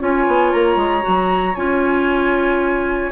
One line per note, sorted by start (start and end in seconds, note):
0.00 0.27 C#4
0.00 1.02 F4
0.00 3.12 C#5
0.00 0.52 G#5
0.27 0.53 B3
0.52 0.76 A#3
0.52 1.56 A#5
0.76 1.02 G#3
1.02 1.54 F#4
1.08 1.56 F#3
1.56 3.12 C#4
1.56 3.12 F4
1.56 3.12 G#5